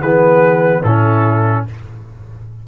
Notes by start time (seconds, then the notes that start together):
0.00 E3 B3 G#4 B4
0.83 A2 C#4 E4 A4